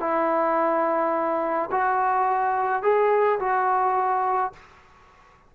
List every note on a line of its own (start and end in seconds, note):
0.00 1.70 E4
1.72 2.83 F#4
2.83 3.39 G#4
3.40 4.53 F#4